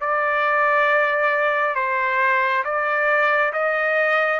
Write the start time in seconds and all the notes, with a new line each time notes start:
0.00 D5
1.75 C5
2.64 D5
3.53 D#5